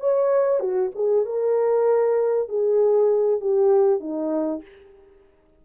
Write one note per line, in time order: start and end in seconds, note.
0.00 0.60 C#5
0.60 0.91 F#4
0.95 1.25 G#4
1.25 2.49 A#4
2.49 3.40 G#4
3.40 4.00 G4
4.00 4.62 D#4